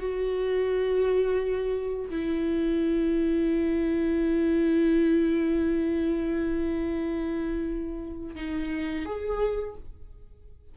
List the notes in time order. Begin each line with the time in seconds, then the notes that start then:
0.00 F#4
2.10 E4
8.36 D#4
9.05 G#4